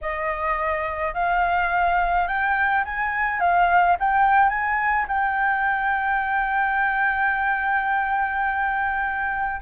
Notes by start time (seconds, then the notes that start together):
0.01 D#5
1.14 F5
2.27 G5
2.84 G#5
3.40 F5
3.99 G5
4.49 G#5
5.08 G5